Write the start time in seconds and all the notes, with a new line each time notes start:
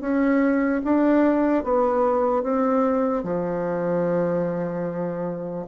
0.00 C#4
0.84 D4
1.63 B3
2.43 C4
3.23 F3